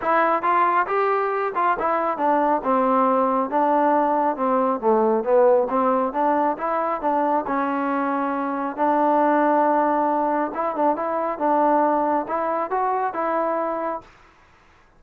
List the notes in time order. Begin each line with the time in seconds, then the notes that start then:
0.01 E4
0.42 F4
0.86 G4
1.55 F4
1.79 E4
2.17 D4
2.64 C4
3.49 D4
4.36 C4
4.80 A3
5.24 B3
5.69 C4
6.13 D4
6.57 E4
7.01 D4
7.46 C#4
8.76 D4
10.54 E4
10.75 D4
10.95 E4
11.38 D4
12.27 E4
12.70 F#4
13.13 E4